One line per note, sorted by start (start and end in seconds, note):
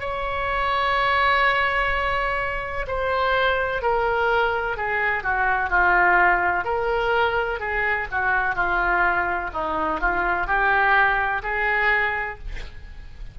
0.00 2.86 C#5
2.87 3.82 C5
3.82 4.77 A#4
4.77 5.23 G#4
5.23 5.70 F#4
5.70 6.64 F4
6.64 7.60 A#4
7.60 8.07 G#4
8.11 8.55 F#4
8.55 9.51 F4
9.53 10.00 D#4
10.00 10.47 F4
10.47 11.42 G4
11.43 12.38 G#4